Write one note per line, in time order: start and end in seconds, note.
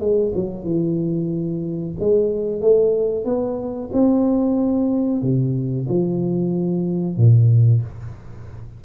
0.00 0.33 G#3
0.35 0.64 F#3
0.64 1.95 E3
2.00 2.61 G#3
2.61 3.25 A3
3.25 3.90 B3
3.93 5.22 C4
5.22 5.87 C3
5.89 7.17 F3
7.17 7.82 A#2